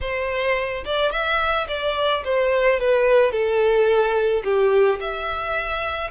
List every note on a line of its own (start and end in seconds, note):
0.00 0.84 C5
0.85 1.11 D5
1.11 1.67 E5
1.68 2.23 D5
2.24 2.79 C5
2.79 3.31 B4
3.31 4.42 A4
4.44 4.99 G4
5.00 6.10 E5